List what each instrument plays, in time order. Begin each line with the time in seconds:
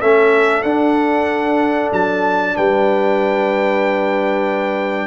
0.00 tuba A3, trombone C#4, horn A4, trumpet E5
0.62 tuba D4, trombone D4, trumpet F#5
1.92 tuba F#3, trumpet A5
2.55 tuba G3, horn B4, trumpet G5